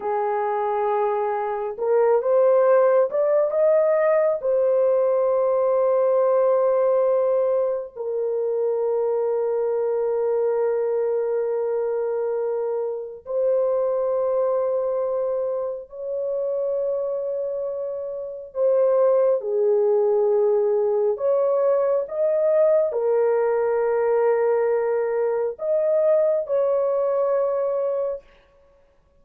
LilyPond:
\new Staff \with { instrumentName = "horn" } { \time 4/4 \tempo 4 = 68 gis'2 ais'8 c''4 d''8 | dis''4 c''2.~ | c''4 ais'2.~ | ais'2. c''4~ |
c''2 cis''2~ | cis''4 c''4 gis'2 | cis''4 dis''4 ais'2~ | ais'4 dis''4 cis''2 | }